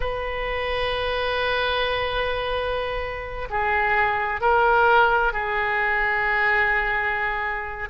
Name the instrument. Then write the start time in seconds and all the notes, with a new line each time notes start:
oboe
0.00 B4
3.50 G#4
4.41 A#4
5.33 G#4